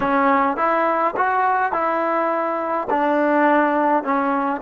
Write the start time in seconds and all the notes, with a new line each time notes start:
0.00 C#4
0.56 E4
1.17 F#4
1.72 E4
2.90 D4
4.03 C#4